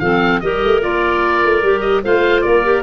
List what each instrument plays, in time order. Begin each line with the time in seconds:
0.00 tuba F3, clarinet C4 A4, oboe F5
0.41 tuba G3, clarinet G4 A#4, oboe D#5
0.64 tuba A3
0.82 tuba A#3, clarinet F4, oboe D5
1.45 tuba A3
1.63 tuba G3, clarinet G4
1.81 oboe D#5
2.04 tuba A3, clarinet F4 C5, oboe F5
2.42 tuba A#3, clarinet A#4, oboe D5
2.64 clarinet G4